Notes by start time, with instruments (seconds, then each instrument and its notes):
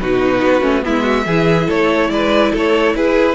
0.00 cello B2, viola D#4, violin F#4 B4
0.43 cello B3
0.61 cello A3, viola C#4
0.82 cello G#3, viola B3, violin E4 E5
1.02 violin F#4
1.26 cello E3, viola E4, violin G#4
1.67 cello A3, violin A4 C#5
2.10 cello G#3, violin B4 D5
2.52 cello A3, violin A4 C#5
2.95 cello E4, violin G#4 B4